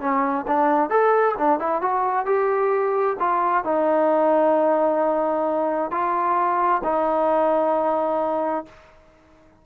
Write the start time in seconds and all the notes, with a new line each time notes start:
0.00 C#4
0.47 D4
0.90 A4
1.38 D4
1.59 E4
1.81 F#4
2.26 G4
3.19 F4
3.64 D#4
5.91 F4
6.84 D#4